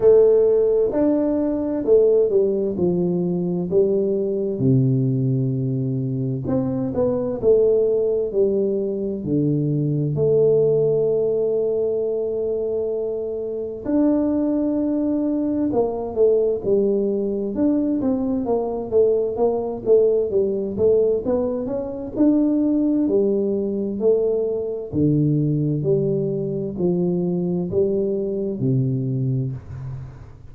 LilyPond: \new Staff \with { instrumentName = "tuba" } { \time 4/4 \tempo 4 = 65 a4 d'4 a8 g8 f4 | g4 c2 c'8 b8 | a4 g4 d4 a4~ | a2. d'4~ |
d'4 ais8 a8 g4 d'8 c'8 | ais8 a8 ais8 a8 g8 a8 b8 cis'8 | d'4 g4 a4 d4 | g4 f4 g4 c4 | }